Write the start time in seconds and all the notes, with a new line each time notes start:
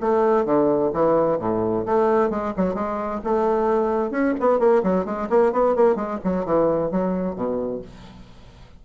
0.00 A3
0.45 D3
0.93 E3
1.39 A2
1.85 A3
2.30 G#3
2.57 F#3
2.74 G#3
3.24 A3
4.11 C#4
4.40 B3
4.59 A#3
4.83 F#3
5.05 G#3
5.30 A#3
5.52 B3
5.75 A#3
5.95 G#3
6.24 F#3
6.45 E3
6.91 F#3
7.35 B2